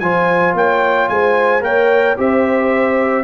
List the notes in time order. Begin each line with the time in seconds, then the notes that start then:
0.00 F3 F4 C5 G#5
0.54 A#3 C#5 G5
1.09 G#3 C5 G#5
1.61 A#3 A#4 C#5 G5
2.17 C4 G4 C5 E5